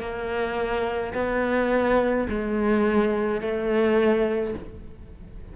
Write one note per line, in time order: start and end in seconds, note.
0.00 1.13 A#3
1.14 2.27 B3
2.29 3.41 G#3
3.41 4.54 A3